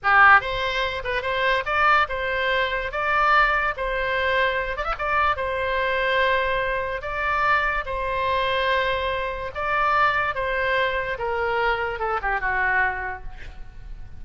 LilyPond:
\new Staff \with { instrumentName = "oboe" } { \time 4/4 \tempo 4 = 145 g'4 c''4. b'8 c''4 | d''4 c''2 d''4~ | d''4 c''2~ c''8 d''16 e''16 | d''4 c''2.~ |
c''4 d''2 c''4~ | c''2. d''4~ | d''4 c''2 ais'4~ | ais'4 a'8 g'8 fis'2 | }